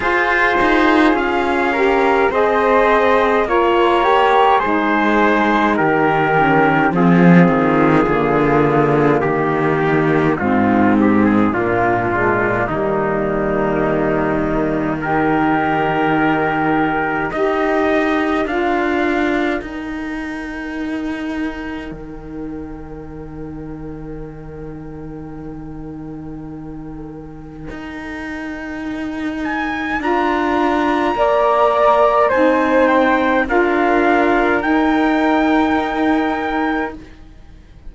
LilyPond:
<<
  \new Staff \with { instrumentName = "trumpet" } { \time 4/4 \tempo 4 = 52 c''4 f''4 dis''4 cis''4 | c''4 ais'4 gis'2 | g'4 f'8 g'16 gis'16 f'4 dis'4~ | dis'4 ais'2 dis''4 |
f''4 g''2.~ | g''1~ | g''4. gis''8 ais''2 | gis''8 g''8 f''4 g''2 | }
  \new Staff \with { instrumentName = "flute" } { \time 4/4 gis'4. ais'8 c''4 f'8 g'8 | gis'4 g'4 f'2 | dis'2 d'4 ais4~ | ais4 g'2 ais'4~ |
ais'1~ | ais'1~ | ais'2. d''4 | c''4 ais'2. | }
  \new Staff \with { instrumentName = "saxophone" } { \time 4/4 f'4. g'8 gis'4 ais'4 | dis'4. cis'8 c'4 ais4~ | ais4 c'4 ais8 gis8 g4~ | g4 dis'2 g'4 |
f'4 dis'2.~ | dis'1~ | dis'2 f'4 ais'4 | dis'4 f'4 dis'2 | }
  \new Staff \with { instrumentName = "cello" } { \time 4/4 f'8 dis'8 cis'4 c'4 ais4 | gis4 dis4 f8 dis8 d4 | dis4 gis,4 ais,4 dis4~ | dis2. dis'4 |
d'4 dis'2 dis4~ | dis1 | dis'2 d'4 ais4 | c'4 d'4 dis'2 | }
>>